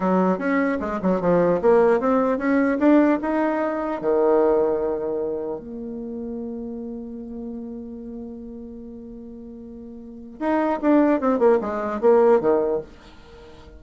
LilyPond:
\new Staff \with { instrumentName = "bassoon" } { \time 4/4 \tempo 4 = 150 fis4 cis'4 gis8 fis8 f4 | ais4 c'4 cis'4 d'4 | dis'2 dis2~ | dis2 ais2~ |
ais1~ | ais1~ | ais2 dis'4 d'4 | c'8 ais8 gis4 ais4 dis4 | }